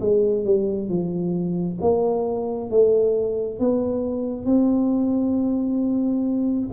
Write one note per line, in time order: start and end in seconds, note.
0.00 0.45 G#3
0.45 0.89 G3
0.89 1.78 F3
1.81 2.70 A#3
2.70 3.59 A3
3.59 4.45 B3
4.45 6.69 C4